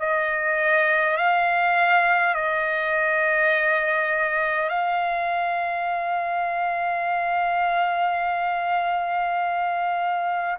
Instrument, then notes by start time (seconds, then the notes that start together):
trumpet
0.00 D#5
1.18 F5
2.35 D#5
4.69 F5